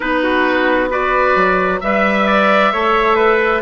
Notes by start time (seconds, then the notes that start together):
0.00 B3 D#4 B4
0.23 F#4
0.89 F#4 B4 D5
1.35 F#3
1.80 G3 B4 E5
2.26 D5
2.72 A3 A4 C#5
3.15 B4